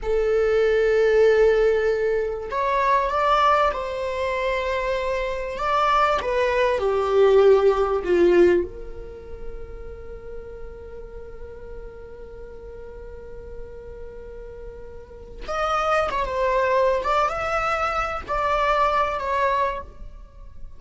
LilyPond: \new Staff \with { instrumentName = "viola" } { \time 4/4 \tempo 4 = 97 a'1 | cis''4 d''4 c''2~ | c''4 d''4 b'4 g'4~ | g'4 f'4 ais'2~ |
ais'1~ | ais'1~ | ais'4 dis''4 cis''16 c''4~ c''16 d''8 | e''4. d''4. cis''4 | }